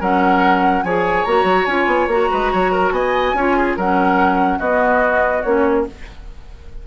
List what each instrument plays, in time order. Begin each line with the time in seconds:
0.00 bassoon F#3, clarinet C#4, oboe A#4, flute F#5
0.83 bassoon F3, clarinet G#4, oboe C#5, flute G#5
1.25 bassoon A#3, clarinet F#4, flute A#5
1.44 bassoon F#3
1.65 bassoon C#4, clarinet F4, flute G#5
1.87 bassoon B3
2.07 bassoon A#3, clarinet F#4, flute A#5
2.31 bassoon G#3, oboe B4
2.52 bassoon F#3, oboe C#5
2.72 oboe A#4
2.91 bassoon B3, oboe D#5, flute G#5
3.34 bassoon C#4, clarinet F4, oboe C#5
3.57 oboe G#4
3.76 bassoon F#3, clarinet C#4, oboe A#4, flute F#5
4.58 bassoon B3, clarinet B3, oboe F#4, flute D#5
5.43 bassoon A#3, clarinet C#4, flute C#5